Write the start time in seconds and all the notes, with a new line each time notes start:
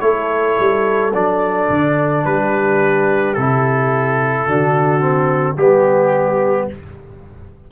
0.00 A3 E4 A4 C#5
0.59 G3
1.14 F#3 D4 D5
1.69 D3
2.25 G3 G4 B4
3.34 C3 E4 A4
4.47 D3 D4 F#4
5.00 C4
5.55 G3 B3 G4